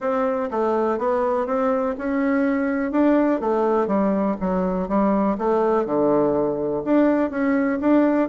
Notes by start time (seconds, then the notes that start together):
0.00 C4
0.50 A3
0.98 B3
1.46 C4
1.98 C#4
2.91 D4
3.40 A3
3.87 G3
4.40 F#3
4.88 G3
5.37 A3
5.85 D3
6.84 D4
7.30 C#4
7.80 D4